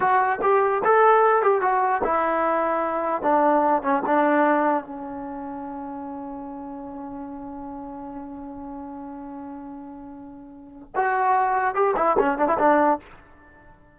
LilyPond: \new Staff \with { instrumentName = "trombone" } { \time 4/4 \tempo 4 = 148 fis'4 g'4 a'4. g'8 | fis'4 e'2. | d'4. cis'8 d'2 | cis'1~ |
cis'1~ | cis'1~ | cis'2. fis'4~ | fis'4 g'8 e'8 cis'8 d'16 e'16 d'4 | }